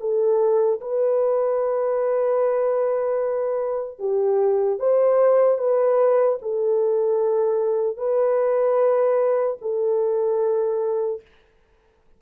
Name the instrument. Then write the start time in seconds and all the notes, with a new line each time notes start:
horn
0.00 A4
0.80 B4
3.99 G4
4.79 C5
5.58 B4
6.41 A4
7.97 B4
9.61 A4